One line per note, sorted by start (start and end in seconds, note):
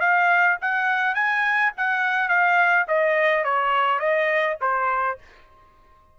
0.00 0.57 F5
0.62 1.14 F#5
1.14 1.71 G#5
1.77 2.29 F#5
2.29 2.86 F5
2.88 3.44 D#5
3.44 3.99 C#5
3.99 4.57 D#5
4.61 5.18 C5